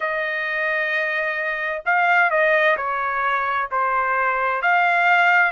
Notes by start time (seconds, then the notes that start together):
0.00 D#5
1.85 F5
2.30 D#5
2.77 C#5
3.71 C5
4.62 F5